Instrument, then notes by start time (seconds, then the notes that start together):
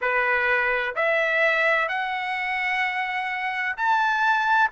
trumpet
0.01 B4
0.95 E5
1.88 F#5
3.76 A5